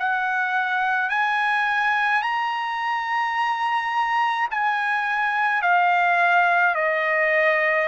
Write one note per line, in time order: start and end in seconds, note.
0.00 1.10 F#5
1.10 2.23 G#5
2.23 4.49 A#5
4.51 5.62 G#5
5.62 6.76 F5
6.76 7.88 D#5